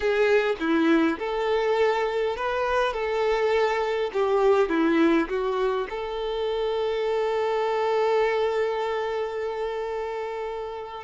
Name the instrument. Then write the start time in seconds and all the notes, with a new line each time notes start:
violin
0.00 G#4
0.59 E4
1.18 A4
2.36 B4
2.93 A4
4.13 G4
4.69 E4
5.28 F#4
5.89 A4